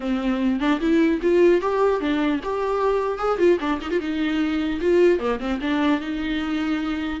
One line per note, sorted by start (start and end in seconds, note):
0.00 0.59 C4
0.60 0.80 D4
0.80 1.20 E4
1.21 1.61 F4
1.61 2.00 G4
2.00 2.40 D4
2.43 3.18 G4
3.18 3.38 G#4
3.38 3.58 F4
3.60 3.80 D4
3.81 3.90 D#4
3.90 3.99 F4
3.99 4.79 D#4
4.81 5.19 F4
5.19 5.39 A#3
5.39 5.59 C4
5.61 6.00 D4
6.00 7.20 D#4